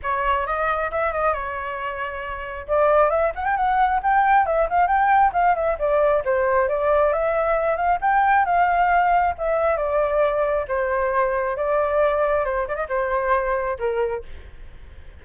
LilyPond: \new Staff \with { instrumentName = "flute" } { \time 4/4 \tempo 4 = 135 cis''4 dis''4 e''8 dis''8 cis''4~ | cis''2 d''4 e''8 fis''16 g''16 | fis''4 g''4 e''8 f''8 g''4 | f''8 e''8 d''4 c''4 d''4 |
e''4. f''8 g''4 f''4~ | f''4 e''4 d''2 | c''2 d''2 | c''8 d''16 dis''16 c''2 ais'4 | }